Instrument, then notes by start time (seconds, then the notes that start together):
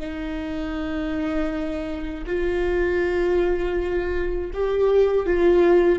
viola
0.00 D#4
2.26 F4
4.54 G4
5.27 F4